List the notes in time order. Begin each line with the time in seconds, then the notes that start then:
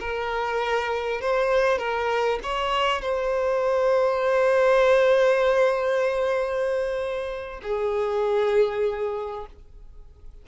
0.00 A#4
1.21 C5
1.78 A#4
2.43 C#5
3.01 C5
7.63 G#4